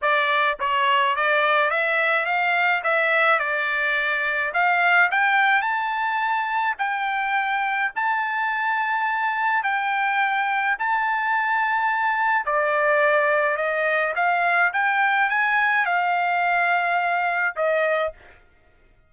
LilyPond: \new Staff \with { instrumentName = "trumpet" } { \time 4/4 \tempo 4 = 106 d''4 cis''4 d''4 e''4 | f''4 e''4 d''2 | f''4 g''4 a''2 | g''2 a''2~ |
a''4 g''2 a''4~ | a''2 d''2 | dis''4 f''4 g''4 gis''4 | f''2. dis''4 | }